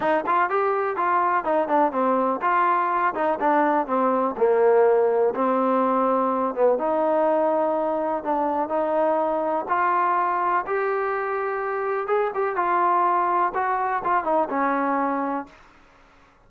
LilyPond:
\new Staff \with { instrumentName = "trombone" } { \time 4/4 \tempo 4 = 124 dis'8 f'8 g'4 f'4 dis'8 d'8 | c'4 f'4. dis'8 d'4 | c'4 ais2 c'4~ | c'4. b8 dis'2~ |
dis'4 d'4 dis'2 | f'2 g'2~ | g'4 gis'8 g'8 f'2 | fis'4 f'8 dis'8 cis'2 | }